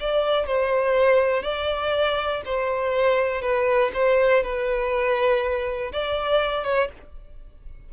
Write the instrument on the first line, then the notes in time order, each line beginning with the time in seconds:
violin
0.00 D5
0.47 C5
1.43 D5
2.45 C5
3.42 B4
3.94 C5
4.43 B4
5.92 D5
6.64 C#5